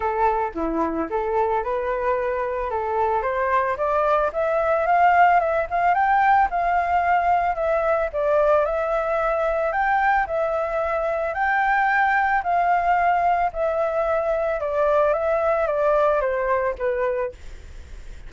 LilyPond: \new Staff \with { instrumentName = "flute" } { \time 4/4 \tempo 4 = 111 a'4 e'4 a'4 b'4~ | b'4 a'4 c''4 d''4 | e''4 f''4 e''8 f''8 g''4 | f''2 e''4 d''4 |
e''2 g''4 e''4~ | e''4 g''2 f''4~ | f''4 e''2 d''4 | e''4 d''4 c''4 b'4 | }